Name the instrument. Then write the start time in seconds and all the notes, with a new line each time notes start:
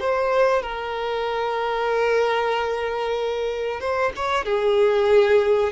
violin
0.00 C5
0.63 A#4
3.81 C5
4.16 C#5
4.45 G#4